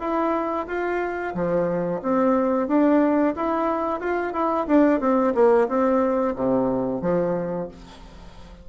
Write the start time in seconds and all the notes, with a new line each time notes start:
0.00 E4
0.67 F4
1.35 F3
2.02 C4
2.68 D4
3.36 E4
4.00 F4
4.33 E4
4.67 D4
5.00 C4
5.35 A#3
5.68 C4
6.35 C3
7.02 F3